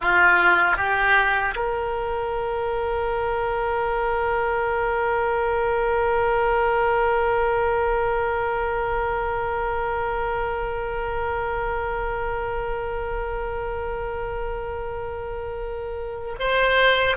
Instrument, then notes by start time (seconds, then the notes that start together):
oboe
0.01 F4
0.76 G4
1.55 A#4
16.39 C5